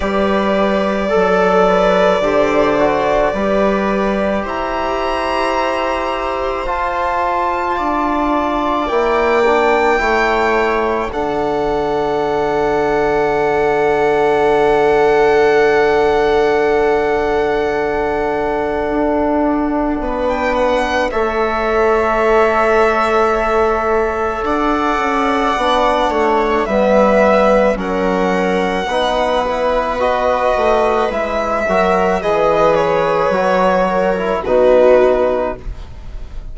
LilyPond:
<<
  \new Staff \with { instrumentName = "violin" } { \time 4/4 \tempo 4 = 54 d''1 | ais''2 a''2 | g''2 fis''2~ | fis''1~ |
fis''2~ fis''16 g''16 fis''8 e''4~ | e''2 fis''2 | e''4 fis''2 dis''4 | e''4 dis''8 cis''4. b'4 | }
  \new Staff \with { instrumentName = "viola" } { \time 4/4 b'4 a'8 b'8 c''4 b'4 | c''2. d''4~ | d''4 cis''4 a'2~ | a'1~ |
a'2 b'4 cis''4~ | cis''2 d''4. cis''8 | b'4 ais'4 b'2~ | b'8 ais'8 b'4. ais'8 fis'4 | }
  \new Staff \with { instrumentName = "trombone" } { \time 4/4 g'4 a'4 g'8 fis'8 g'4~ | g'2 f'2 | e'8 d'8 e'4 d'2~ | d'1~ |
d'2. a'4~ | a'2. d'4 | b4 cis'4 dis'8 e'8 fis'4 | e'8 fis'8 gis'4 fis'8. e'16 dis'4 | }
  \new Staff \with { instrumentName = "bassoon" } { \time 4/4 g4 fis4 d4 g4 | e'2 f'4 d'4 | ais4 a4 d2~ | d1~ |
d4 d'4 b4 a4~ | a2 d'8 cis'8 b8 a8 | g4 fis4 b4. a8 | gis8 fis8 e4 fis4 b,4 | }
>>